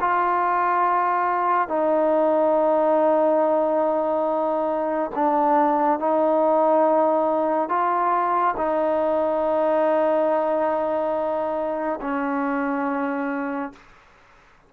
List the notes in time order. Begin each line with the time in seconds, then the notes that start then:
0.00 F4
1.68 D#4
5.15 D4
5.99 D#4
7.69 F4
8.57 D#4
12.01 C#4